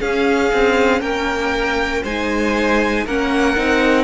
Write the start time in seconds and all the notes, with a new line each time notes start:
0.00 C#4 G#4 F5
0.53 C4
1.00 A#3 A#4 G5
2.03 G#3 D#4 C5 G#5
3.06 A#3 C#4 A#4 F#5
3.56 C4 D#4